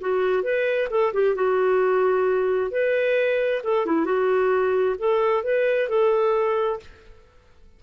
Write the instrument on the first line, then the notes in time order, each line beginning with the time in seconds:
clarinet
0.00 F#4
0.43 B4
0.90 A4
1.13 G4
1.35 F#4
2.71 B4
3.63 A4
3.85 E4
4.05 F#4
4.98 A4
5.43 B4
5.88 A4